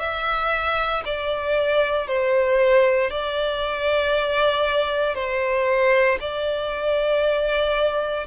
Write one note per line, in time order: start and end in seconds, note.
0.00 1.03 E5
1.06 2.07 D5
2.07 3.11 C5
3.11 5.15 D5
5.15 6.18 C5
6.20 8.27 D5